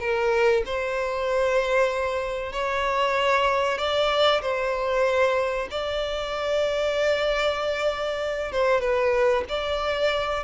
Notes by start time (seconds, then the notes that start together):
0.00 A#4
0.65 C5
2.52 C#5
3.78 D5
4.41 C5
5.71 D5
8.52 C5
8.80 B4
9.49 D5